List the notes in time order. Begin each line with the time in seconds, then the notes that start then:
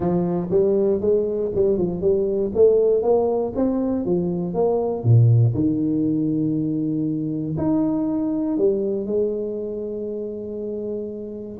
0.00 F3
0.50 G3
1.01 G#3
1.55 G3
1.77 F3
2.01 G3
2.54 A3
3.02 A#3
3.55 C4
4.05 F3
4.54 A#3
5.03 A#2
5.54 D#3
7.57 D#4
8.57 G3
9.06 G#3